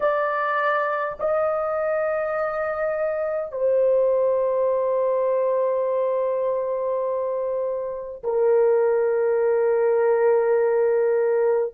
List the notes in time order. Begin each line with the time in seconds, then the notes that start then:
0.00 D5
1.19 D#5
3.51 C5
8.24 A#4